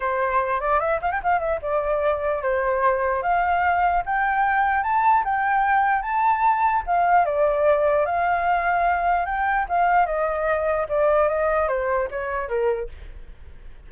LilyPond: \new Staff \with { instrumentName = "flute" } { \time 4/4 \tempo 4 = 149 c''4. d''8 e''8 f''16 g''16 f''8 e''8 | d''2 c''2 | f''2 g''2 | a''4 g''2 a''4~ |
a''4 f''4 d''2 | f''2. g''4 | f''4 dis''2 d''4 | dis''4 c''4 cis''4 ais'4 | }